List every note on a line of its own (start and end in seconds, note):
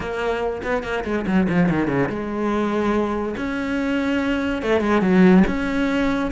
0.00 0.61 A#3
0.63 0.83 B3
0.83 1.04 A#3
1.04 1.25 G#3
1.26 1.47 F#3
1.49 1.69 F3
1.69 1.87 D#3
1.87 2.08 C#3
2.09 3.35 G#3
3.37 4.62 C#4
4.62 4.80 A3
4.80 5.01 G#3
5.01 5.43 F#3
5.47 6.31 C#4